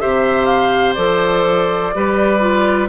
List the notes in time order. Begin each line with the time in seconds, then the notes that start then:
0.00 C3 G4 C5 E5
0.45 F5
0.94 F3 A4 D5
1.95 G3 G4 B4
2.40 F4